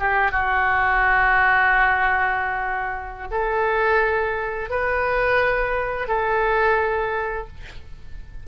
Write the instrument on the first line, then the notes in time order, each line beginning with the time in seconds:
oboe
0.00 G4
0.32 F#4
3.31 A4
4.70 B4
6.08 A4